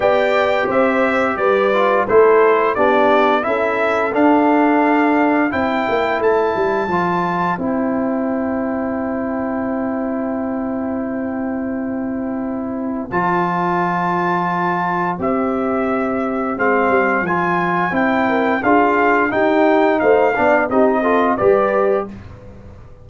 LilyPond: <<
  \new Staff \with { instrumentName = "trumpet" } { \time 4/4 \tempo 4 = 87 g''4 e''4 d''4 c''4 | d''4 e''4 f''2 | g''4 a''2 g''4~ | g''1~ |
g''2. a''4~ | a''2 e''2 | f''4 gis''4 g''4 f''4 | g''4 f''4 dis''4 d''4 | }
  \new Staff \with { instrumentName = "horn" } { \time 4/4 d''4 c''4 b'4 a'4 | g'4 a'2. | c''1~ | c''1~ |
c''1~ | c''1~ | c''2~ c''8 ais'8 gis'4 | g'4 c''8 d''8 g'8 a'8 b'4 | }
  \new Staff \with { instrumentName = "trombone" } { \time 4/4 g'2~ g'8 f'8 e'4 | d'4 e'4 d'2 | e'2 f'4 e'4~ | e'1~ |
e'2. f'4~ | f'2 g'2 | c'4 f'4 e'4 f'4 | dis'4. d'8 dis'8 f'8 g'4 | }
  \new Staff \with { instrumentName = "tuba" } { \time 4/4 b4 c'4 g4 a4 | b4 cis'4 d'2 | c'8 ais8 a8 g8 f4 c'4~ | c'1~ |
c'2. f4~ | f2 c'2 | gis8 g8 f4 c'4 d'4 | dis'4 a8 b8 c'4 g4 | }
>>